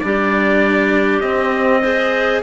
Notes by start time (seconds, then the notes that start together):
0.00 G3 D4 G4 D5
1.21 C4 D#5
1.81 G#4 C5